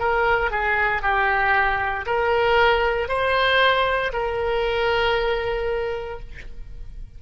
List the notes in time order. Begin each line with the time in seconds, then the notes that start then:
0.00 A#4
0.51 G#4
1.03 G4
2.06 A#4
3.09 C5
4.13 A#4